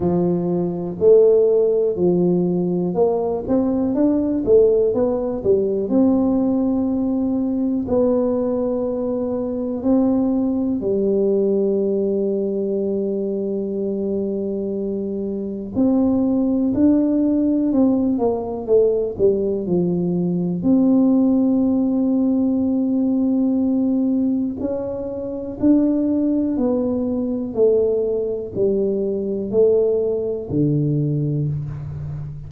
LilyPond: \new Staff \with { instrumentName = "tuba" } { \time 4/4 \tempo 4 = 61 f4 a4 f4 ais8 c'8 | d'8 a8 b8 g8 c'2 | b2 c'4 g4~ | g1 |
c'4 d'4 c'8 ais8 a8 g8 | f4 c'2.~ | c'4 cis'4 d'4 b4 | a4 g4 a4 d4 | }